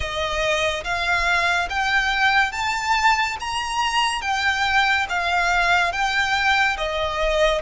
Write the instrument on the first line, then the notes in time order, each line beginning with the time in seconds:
violin
0.00 D#5
0.84 F5
1.69 G5
2.52 A5
3.40 A#5
4.21 G5
5.09 F5
5.92 G5
6.77 D#5